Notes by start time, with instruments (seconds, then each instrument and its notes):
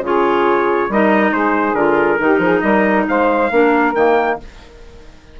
0.00 bassoon C#3, clarinet F4, saxophone G#4
0.06 trumpet C#5
0.90 bassoon G3, clarinet D#4, saxophone A#4, trumpet D#5
1.32 bassoon G#3, saxophone G#4, trumpet C5
1.74 bassoon D3, clarinet F4, trumpet A#4
2.18 bassoon D#3, clarinet D#4, saxophone G4
2.39 bassoon F3, saxophone G#4
2.61 bassoon G3, saxophone A#4, trumpet D#5
3.09 bassoon G#3, saxophone C5, trumpet F5
3.51 bassoon A#3, clarinet D4, saxophone A#4
3.95 bassoon D#3, clarinet A#3, trumpet G5